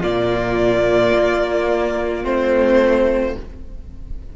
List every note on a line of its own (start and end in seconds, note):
0.00 1.13 A#2
0.00 2.23 A#3
0.00 3.33 F4
0.00 2.25 D5
1.13 2.24 A#3
2.23 3.36 A3
2.23 3.34 C4
2.23 3.36 C5